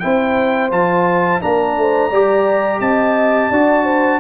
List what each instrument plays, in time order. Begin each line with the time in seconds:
0.00 tuba C4, trombone E4, horn C5, trumpet G5
0.71 tuba F3, trombone F4, trumpet A5
1.41 tuba A#3, trombone D4, horn A#4, trumpet A#5
1.77 tuba A3, horn C5
2.10 tuba G3, trombone G4, horn D5
2.80 tuba C4, horn D#5, trumpet A5
3.50 tuba D4, trombone F#4, horn D5
3.84 horn C5